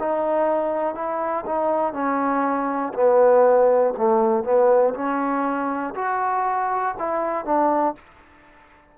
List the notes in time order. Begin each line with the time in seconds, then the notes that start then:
0.00 D#4
0.95 E4
1.46 D#4
1.94 C#4
2.94 B3
3.98 A3
4.45 B3
4.95 C#4
5.95 F#4
6.99 E4
7.45 D4